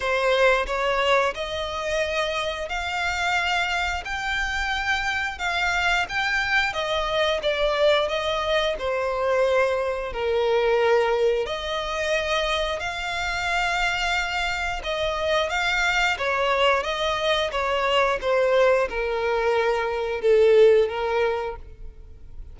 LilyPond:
\new Staff \with { instrumentName = "violin" } { \time 4/4 \tempo 4 = 89 c''4 cis''4 dis''2 | f''2 g''2 | f''4 g''4 dis''4 d''4 | dis''4 c''2 ais'4~ |
ais'4 dis''2 f''4~ | f''2 dis''4 f''4 | cis''4 dis''4 cis''4 c''4 | ais'2 a'4 ais'4 | }